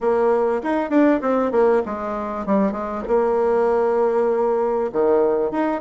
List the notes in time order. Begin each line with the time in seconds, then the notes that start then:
0.00 A#3
0.63 D#4
0.89 D4
1.21 C4
1.51 A#3
1.85 G#3
2.46 G3
2.71 G#3
3.07 A#3
4.92 D#3
5.51 D#4